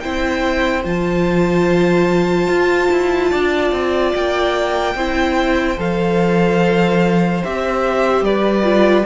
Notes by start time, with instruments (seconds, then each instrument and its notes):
0.00 cello C4, viola E4, violin C5 G5
0.84 cello F3, viola F4, violin A5
2.47 cello F4
2.92 cello E4
3.30 cello D4, violin D5
3.72 cello C4
4.15 cello A#3, violin G5
4.95 cello C4, viola E4, violin C5
5.78 cello F3, viola A4, violin F5
7.44 cello C4, viola G4, violin E5
8.21 cello G3, violin B4 D5
8.63 viola F4